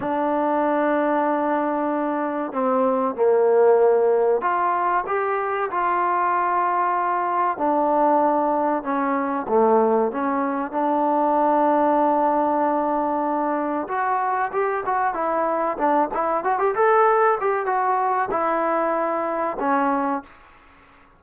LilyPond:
\new Staff \with { instrumentName = "trombone" } { \time 4/4 \tempo 4 = 95 d'1 | c'4 ais2 f'4 | g'4 f'2. | d'2 cis'4 a4 |
cis'4 d'2.~ | d'2 fis'4 g'8 fis'8 | e'4 d'8 e'8 fis'16 g'16 a'4 g'8 | fis'4 e'2 cis'4 | }